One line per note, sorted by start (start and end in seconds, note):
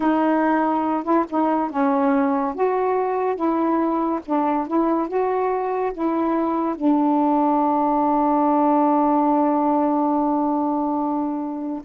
0.00 1.03 D#4
1.03 1.24 E4
1.29 1.70 D#4
1.70 2.55 C#4
2.55 3.35 F#4
3.35 4.20 E4
4.25 4.67 D4
4.67 5.07 E4
5.07 5.92 F#4
5.93 6.75 E4
6.75 11.82 D4